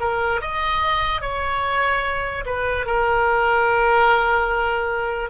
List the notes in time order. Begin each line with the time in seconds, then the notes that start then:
0.00 A#4
0.41 D#5
1.21 C#5
2.45 B4
2.86 A#4